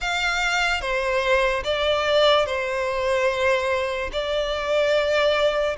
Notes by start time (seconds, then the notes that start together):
0.00 F5
0.81 C5
1.64 D5
2.45 C5
4.12 D5